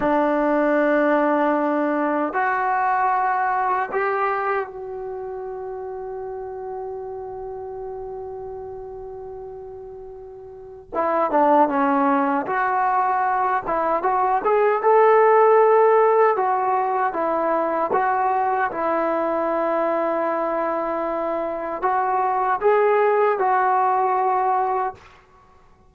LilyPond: \new Staff \with { instrumentName = "trombone" } { \time 4/4 \tempo 4 = 77 d'2. fis'4~ | fis'4 g'4 fis'2~ | fis'1~ | fis'2 e'8 d'8 cis'4 |
fis'4. e'8 fis'8 gis'8 a'4~ | a'4 fis'4 e'4 fis'4 | e'1 | fis'4 gis'4 fis'2 | }